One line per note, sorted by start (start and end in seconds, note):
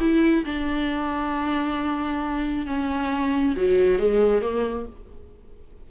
0.00 0.44 E4
0.45 2.66 D4
2.66 3.55 C#4
3.56 3.99 F#3
3.99 4.42 G#3
4.42 4.86 A#3